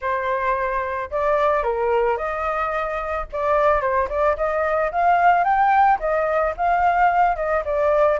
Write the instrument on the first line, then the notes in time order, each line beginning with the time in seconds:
flute
0.01 C5
1.10 D5
1.63 A#4
2.17 D#5
3.32 D5
3.81 C5
4.09 D5
4.36 D#5
4.91 F5
5.43 G5
5.99 D#5
6.56 F5
7.36 D#5
7.64 D5